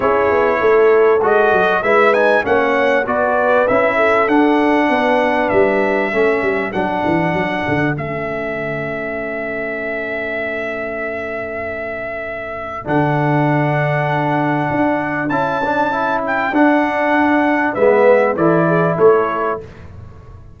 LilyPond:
<<
  \new Staff \with { instrumentName = "trumpet" } { \time 4/4 \tempo 4 = 98 cis''2 dis''4 e''8 gis''8 | fis''4 d''4 e''4 fis''4~ | fis''4 e''2 fis''4~ | fis''4 e''2.~ |
e''1~ | e''4 fis''2.~ | fis''4 a''4. g''8 fis''4~ | fis''4 e''4 d''4 cis''4 | }
  \new Staff \with { instrumentName = "horn" } { \time 4/4 gis'4 a'2 b'4 | cis''4 b'4. a'4. | b'2 a'2~ | a'1~ |
a'1~ | a'1~ | a'1~ | a'4 b'4 a'8 gis'8 a'4 | }
  \new Staff \with { instrumentName = "trombone" } { \time 4/4 e'2 fis'4 e'8 dis'8 | cis'4 fis'4 e'4 d'4~ | d'2 cis'4 d'4~ | d'4 cis'2.~ |
cis'1~ | cis'4 d'2.~ | d'4 e'8 d'8 e'4 d'4~ | d'4 b4 e'2 | }
  \new Staff \with { instrumentName = "tuba" } { \time 4/4 cis'8 b8 a4 gis8 fis8 gis4 | ais4 b4 cis'4 d'4 | b4 g4 a8 g8 fis8 e8 | fis8 d8 a2.~ |
a1~ | a4 d2. | d'4 cis'2 d'4~ | d'4 gis4 e4 a4 | }
>>